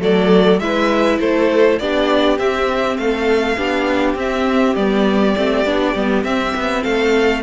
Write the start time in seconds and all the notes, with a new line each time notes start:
0.00 F#3 A3 A4 D5
0.59 G#3 E4 B4 E5
1.20 A3 A4 C5
1.79 B3 D4 G4 D5
2.38 C4 E5
2.97 A3 A4 F5
3.57 B3 D4 G4
4.14 C4 E5
4.75 G3 B3 D5
5.36 A3 C4
5.65 B3 D4
5.95 G3 B3
6.24 C4 E5
6.55 B3
6.82 A3 A4 F5